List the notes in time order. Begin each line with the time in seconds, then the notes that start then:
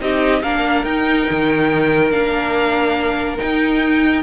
0.00 C4 D#4 G4 D#5
0.43 A#3 D4 A#4 F5
0.84 D#4 G5
1.30 D#3
2.11 A#3 D4 F5
3.38 D#4 G5